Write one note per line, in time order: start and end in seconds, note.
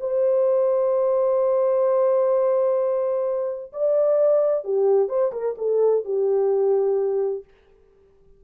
0.00 3.72 C5
3.72 4.64 D5
4.64 5.08 G4
5.08 5.31 C5
5.32 5.55 A#4
5.58 6.04 A4
6.04 7.44 G4